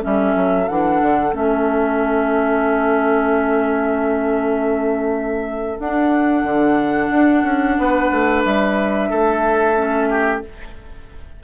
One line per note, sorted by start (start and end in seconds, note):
0.00 0.35 G3
0.00 0.66 C#4
0.00 7.77 A4
0.00 0.68 E5
0.35 0.68 F#3
0.68 1.01 E3
0.68 1.32 D4
0.68 1.34 F#5
1.01 1.32 D3
1.32 5.77 A3
1.32 5.77 C#4
1.32 5.79 E5
5.79 6.43 D4
5.79 9.75 D4
5.79 8.43 F#5
6.43 7.09 D3
7.10 7.43 D4
7.43 7.76 C#4
7.78 8.11 B3
7.78 9.10 B4
8.11 8.44 A3
8.44 9.11 G3
8.44 10.42 E5
9.10 10.43 A3
9.10 10.09 A4
9.75 10.41 C#4
10.09 10.42 G4